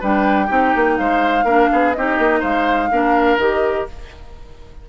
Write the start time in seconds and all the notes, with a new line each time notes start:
0.00 G3 D4 B4 G5
0.46 C4 D#4 G4
0.75 A#3
0.98 G#3 C5 F5
1.44 A#3 D4 A#4
1.72 B3 G#4
1.93 C4 D#4 G4 D#5
2.18 A#3
2.40 G#3 C5 F5
2.91 A#3 D4 A#4
3.37 D#3 G4 D#5